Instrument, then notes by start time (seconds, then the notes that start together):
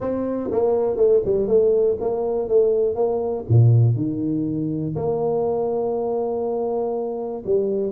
tuba
0.00 C4
0.51 A#3
0.96 A3
1.25 G3
1.47 A3
2.00 A#3
2.48 A3
2.95 A#3
3.48 A#2
3.95 D#3
4.95 A#3
7.45 G3